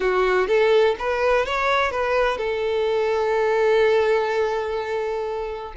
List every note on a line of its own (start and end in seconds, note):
0.00 0.47 F#4
0.47 0.95 A4
0.99 1.45 B4
1.45 1.91 C#5
1.91 2.37 B4
2.37 5.73 A4